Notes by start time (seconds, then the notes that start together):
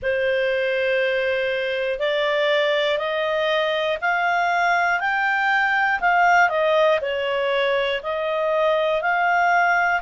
0.02 C5
1.99 D5
2.97 D#5
4.00 F5
5.00 G5
6.00 F5
6.49 D#5
7.00 C#5
8.02 D#5
9.01 F5